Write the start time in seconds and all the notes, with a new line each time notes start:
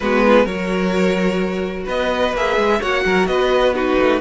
0.00 G#3 B3 F#4 B4
0.26 F4
0.43 F#3 F#4 A#4 C#5
1.84 B3 B4 D#5
2.33 A#3 G#4 E5
2.56 G#3
2.80 A#3 F#4 C#5 F#5
3.05 F#3 A#4
3.26 B3 B4 D#5
3.73 D#4 F#4 B4
3.98 A3